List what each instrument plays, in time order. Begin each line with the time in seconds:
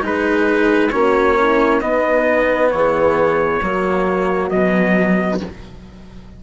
0.00 bassoon G#3, cello D#4, horn G#4, trumpet B4
0.90 bassoon A#3, cello C#4, horn F#4, trumpet C#5
1.37 horn E4
1.80 cello B3, bassoon B3, horn D#4, trumpet D#5
2.70 bassoon E3, horn G#4, trumpet C#5
3.61 bassoon F#3, cello A#3, horn F#4
4.49 bassoon B2, cello F#3, trumpet D#5